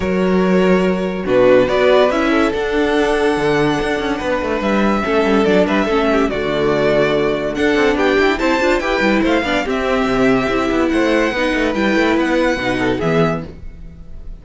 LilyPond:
<<
  \new Staff \with { instrumentName = "violin" } { \time 4/4 \tempo 4 = 143 cis''2. b'4 | d''4 e''4 fis''2~ | fis''2. e''4~ | e''4 d''8 e''4. d''4~ |
d''2 fis''4 g''4 | a''4 g''4 f''4 e''4~ | e''2 fis''2 | g''4 fis''2 e''4 | }
  \new Staff \with { instrumentName = "violin" } { \time 4/4 ais'2. fis'4 | b'4. a'2~ a'8~ | a'2 b'2 | a'4. b'8 a'8 g'8 fis'4~ |
fis'2 a'4 g'4 | c''4 b'4 c''8 d''8 g'4~ | g'2 c''4 b'4~ | b'2~ b'8 a'8 gis'4 | }
  \new Staff \with { instrumentName = "viola" } { \time 4/4 fis'2. d'4 | fis'4 e'4 d'2~ | d'1 | cis'4 d'4 cis'4 a4~ |
a2 d'2 | e'8 f'8 g'8 e'4 d'8 c'4~ | c'4 e'2 dis'4 | e'2 dis'4 b4 | }
  \new Staff \with { instrumentName = "cello" } { \time 4/4 fis2. b,4 | b4 cis'4 d'2 | d4 d'8 cis'8 b8 a8 g4 | a8 g8 fis8 g8 a4 d4~ |
d2 d'8 c'8 b8 e'8 | c'8 d'8 e'8 g8 a8 b8 c'4 | c4 c'8 b8 a4 b8 a8 | g8 a8 b4 b,4 e4 | }
>>